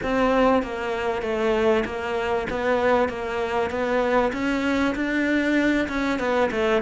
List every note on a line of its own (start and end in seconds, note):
0.03 0.62 C4
0.62 1.22 A#3
1.22 1.84 A3
1.85 2.47 A#3
2.50 3.08 B3
3.08 3.70 A#3
3.70 4.32 B3
4.32 4.94 C#4
4.95 5.88 D4
5.88 6.19 C#4
6.19 6.50 B3
6.51 6.82 A3